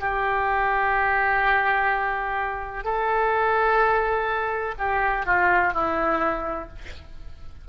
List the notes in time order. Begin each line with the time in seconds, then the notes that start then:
0.00 G4
2.84 A4
4.78 G4
5.26 F4
5.74 E4